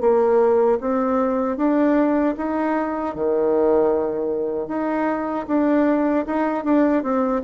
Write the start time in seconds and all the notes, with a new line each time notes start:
0.00 A#3
0.80 C4
1.57 D4
2.37 D#4
3.15 D#3
4.68 D#4
5.47 D4
6.26 D#4
6.64 D4
7.02 C4